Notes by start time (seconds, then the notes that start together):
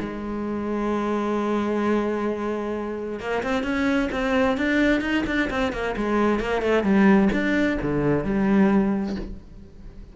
0.00 G#3
3.20 A#3
3.43 C4
3.63 C#4
4.12 C4
4.57 D4
5.01 D#4
5.27 D4
5.50 C4
5.73 A#3
5.96 G#3
6.40 A#3
6.62 A3
6.83 G3
7.32 D4
7.82 D3
8.24 G3